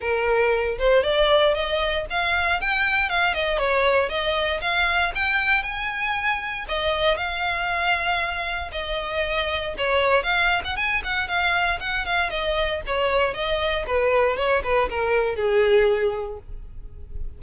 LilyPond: \new Staff \with { instrumentName = "violin" } { \time 4/4 \tempo 4 = 117 ais'4. c''8 d''4 dis''4 | f''4 g''4 f''8 dis''8 cis''4 | dis''4 f''4 g''4 gis''4~ | gis''4 dis''4 f''2~ |
f''4 dis''2 cis''4 | f''8. fis''16 gis''8 fis''8 f''4 fis''8 f''8 | dis''4 cis''4 dis''4 b'4 | cis''8 b'8 ais'4 gis'2 | }